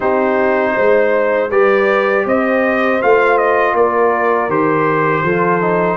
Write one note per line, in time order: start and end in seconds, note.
0.00 0.76 C4
0.00 1.50 D#4
0.00 0.73 G4
0.00 1.50 C5
0.75 1.50 G#3
0.75 1.50 C5
1.50 2.25 G3
1.50 3.01 G4
1.50 2.25 B4
1.50 2.25 D5
2.25 3.00 C4
2.25 3.75 C5
2.25 3.02 D#5
3.01 3.73 A3
3.01 4.49 F4
3.01 3.37 F5
3.37 3.75 D#5
3.73 4.48 A#3
3.73 5.24 A#4
3.73 4.50 D5
4.48 5.23 D#3
4.48 5.24 G4
4.48 5.97 C5
5.23 5.97 F3
5.23 5.61 F4
5.23 5.97 A4
5.61 5.97 D#4